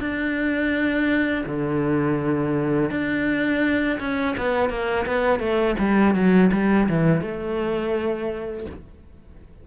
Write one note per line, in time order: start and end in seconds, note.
0.00 1.45 D4
1.47 2.90 D3
2.90 3.99 D4
4.00 4.36 C#4
4.37 4.70 B3
4.70 5.06 A#3
5.06 5.40 B3
5.40 5.76 A3
5.79 6.15 G3
6.15 6.51 F#3
6.53 6.89 G3
6.89 7.21 E3
7.21 8.66 A3